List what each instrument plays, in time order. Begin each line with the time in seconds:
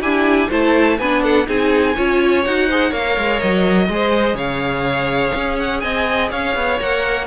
0.00 violin D4 G#5, cello E4, viola G4
0.48 cello A3, viola E4, violin C5 A5
0.98 cello B3, viola D4, violin B4 G#5
1.22 violin A4 F#5
1.46 cello C4, viola D#4, violin G#4 G#5
1.95 cello C#4, viola F4, violin C#5
2.44 cello D#4, viola F#4, violin F#5
2.68 viola G#4, violin C5
2.89 cello A#3, viola A#4, violin C#5 F5
3.18 cello G#3
3.39 cello F#3, violin D#5
3.88 cello G#3, viola G#4, violin C5
4.34 cello C#3, violin C#5 F5
5.35 cello C#4
5.59 violin F#5
5.80 cello C4, violin D#5 G#5
6.30 cello C#4, violin C#5 F5
6.55 cello B3
6.79 cello A#3, viola A#4, violin F#5